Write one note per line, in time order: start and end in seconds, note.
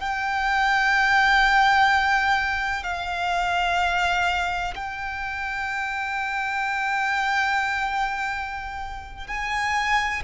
0.00 2.84 G5
2.84 4.74 F5
4.75 9.27 G5
9.27 10.23 G#5